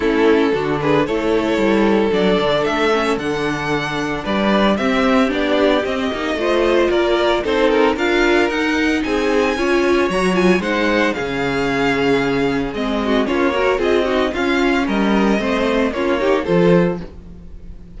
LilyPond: <<
  \new Staff \with { instrumentName = "violin" } { \time 4/4 \tempo 4 = 113 a'4. b'8 cis''2 | d''4 e''4 fis''2 | d''4 e''4 d''4 dis''4~ | dis''4 d''4 c''8 ais'8 f''4 |
fis''4 gis''2 ais''8 gis''8 | fis''4 f''2. | dis''4 cis''4 dis''4 f''4 | dis''2 cis''4 c''4 | }
  \new Staff \with { instrumentName = "violin" } { \time 4/4 e'4 fis'8 gis'8 a'2~ | a'1 | b'4 g'2. | c''4 ais'4 a'4 ais'4~ |
ais'4 gis'4 cis''2 | c''4 gis'2.~ | gis'8 fis'8 f'8 ais'8 gis'8 fis'8 f'4 | ais'4 c''4 f'8 g'8 a'4 | }
  \new Staff \with { instrumentName = "viola" } { \time 4/4 cis'4 d'4 e'2 | d'4. cis'8 d'2~ | d'4 c'4 d'4 c'8 dis'8 | f'2 dis'4 f'4 |
dis'2 f'4 fis'8 f'8 | dis'4 cis'2. | c'4 cis'8 fis'8 f'8 dis'8 cis'4~ | cis'4 c'4 cis'8 dis'8 f'4 | }
  \new Staff \with { instrumentName = "cello" } { \time 4/4 a4 d4 a4 g4 | fis8 d8 a4 d2 | g4 c'4 b4 c'8 ais8 | a4 ais4 c'4 d'4 |
dis'4 c'4 cis'4 fis4 | gis4 cis2. | gis4 ais4 c'4 cis'4 | g4 a4 ais4 f4 | }
>>